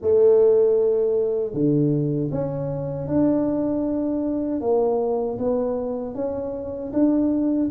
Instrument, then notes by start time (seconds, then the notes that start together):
tuba
0.01 A3
1.53 D3
2.31 C#4
3.07 D4
4.60 A#3
5.38 B3
6.15 C#4
6.92 D4